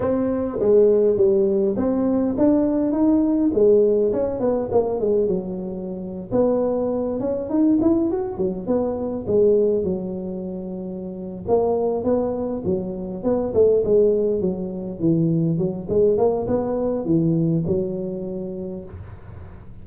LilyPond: \new Staff \with { instrumentName = "tuba" } { \time 4/4 \tempo 4 = 102 c'4 gis4 g4 c'4 | d'4 dis'4 gis4 cis'8 b8 | ais8 gis8 fis4.~ fis16 b4~ b16~ | b16 cis'8 dis'8 e'8 fis'8 fis8 b4 gis16~ |
gis8. fis2~ fis8. ais8~ | ais8 b4 fis4 b8 a8 gis8~ | gis8 fis4 e4 fis8 gis8 ais8 | b4 e4 fis2 | }